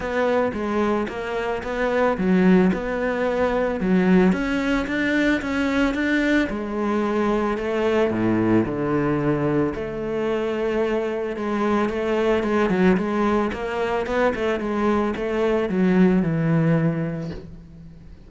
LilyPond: \new Staff \with { instrumentName = "cello" } { \time 4/4 \tempo 4 = 111 b4 gis4 ais4 b4 | fis4 b2 fis4 | cis'4 d'4 cis'4 d'4 | gis2 a4 a,4 |
d2 a2~ | a4 gis4 a4 gis8 fis8 | gis4 ais4 b8 a8 gis4 | a4 fis4 e2 | }